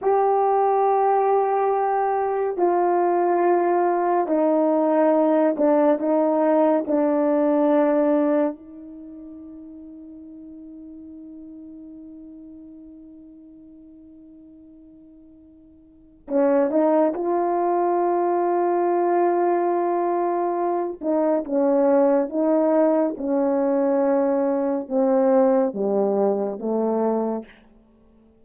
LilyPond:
\new Staff \with { instrumentName = "horn" } { \time 4/4 \tempo 4 = 70 g'2. f'4~ | f'4 dis'4. d'8 dis'4 | d'2 dis'2~ | dis'1~ |
dis'2. cis'8 dis'8 | f'1~ | f'8 dis'8 cis'4 dis'4 cis'4~ | cis'4 c'4 g4 a4 | }